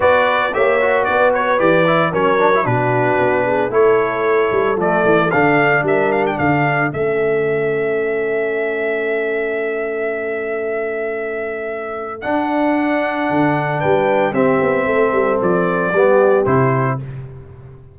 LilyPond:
<<
  \new Staff \with { instrumentName = "trumpet" } { \time 4/4 \tempo 4 = 113 d''4 e''4 d''8 cis''8 d''4 | cis''4 b'2 cis''4~ | cis''4 d''4 f''4 e''8 f''16 g''16 | f''4 e''2.~ |
e''1~ | e''2. fis''4~ | fis''2 g''4 e''4~ | e''4 d''2 c''4 | }
  \new Staff \with { instrumentName = "horn" } { \time 4/4 b'4 cis''4 b'2 | ais'4 fis'4. gis'8 a'4~ | a'2. ais'4 | a'1~ |
a'1~ | a'1~ | a'2 b'4 g'4 | a'2 g'2 | }
  \new Staff \with { instrumentName = "trombone" } { \time 4/4 fis'4 g'8 fis'4. g'8 e'8 | cis'8 d'16 e'16 d'2 e'4~ | e'4 a4 d'2~ | d'4 cis'2.~ |
cis'1~ | cis'2. d'4~ | d'2. c'4~ | c'2 b4 e'4 | }
  \new Staff \with { instrumentName = "tuba" } { \time 4/4 b4 ais4 b4 e4 | fis4 b,4 b4 a4~ | a8 g8 f8 e8 d4 g4 | d4 a2.~ |
a1~ | a2. d'4~ | d'4 d4 g4 c'8 b8 | a8 g8 f4 g4 c4 | }
>>